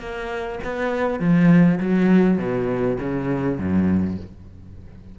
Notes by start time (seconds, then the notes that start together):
0.00 A#3
0.64 B3
1.20 F3
1.81 F#3
2.38 B2
3.00 C#3
3.59 F#2